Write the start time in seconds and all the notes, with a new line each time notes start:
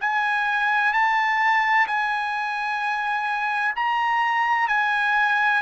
0.00 G#5
0.93 A5
1.87 G#5
3.75 A#5
4.68 G#5